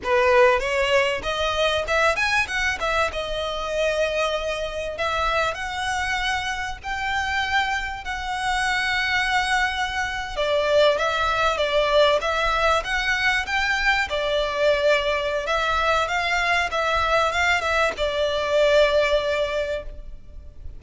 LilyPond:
\new Staff \with { instrumentName = "violin" } { \time 4/4 \tempo 4 = 97 b'4 cis''4 dis''4 e''8 gis''8 | fis''8 e''8 dis''2. | e''4 fis''2 g''4~ | g''4 fis''2.~ |
fis''8. d''4 e''4 d''4 e''16~ | e''8. fis''4 g''4 d''4~ d''16~ | d''4 e''4 f''4 e''4 | f''8 e''8 d''2. | }